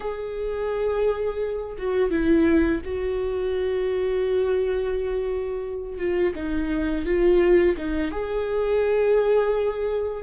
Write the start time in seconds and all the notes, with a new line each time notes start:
0.00 G#4
1.78 F#4
2.10 E4
2.84 F#4
5.98 F4
6.35 D#4
7.05 F4
7.77 D#4
8.11 G#4